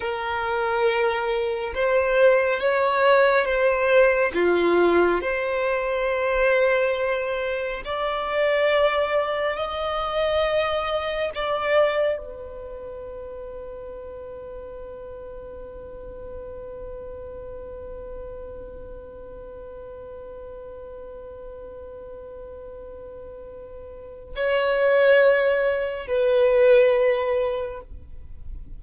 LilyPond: \new Staff \with { instrumentName = "violin" } { \time 4/4 \tempo 4 = 69 ais'2 c''4 cis''4 | c''4 f'4 c''2~ | c''4 d''2 dis''4~ | dis''4 d''4 b'2~ |
b'1~ | b'1~ | b'1 | cis''2 b'2 | }